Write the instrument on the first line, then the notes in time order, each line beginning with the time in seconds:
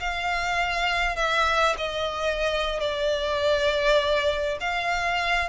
violin
0.00 F5
1.16 E5
1.78 D#5
2.80 D5
4.60 F5